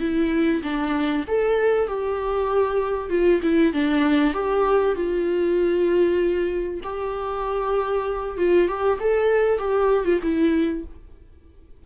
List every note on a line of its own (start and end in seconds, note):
0.00 0.62 E4
0.63 1.25 D4
1.28 1.88 A4
1.88 3.10 G4
3.10 3.40 F4
3.42 3.73 E4
3.73 4.33 D4
4.33 4.95 G4
4.95 6.81 F4
6.83 8.37 G4
8.37 8.68 F4
8.68 8.99 G4
9.00 9.58 A4
9.58 10.05 G4
10.05 10.20 F4
10.22 10.84 E4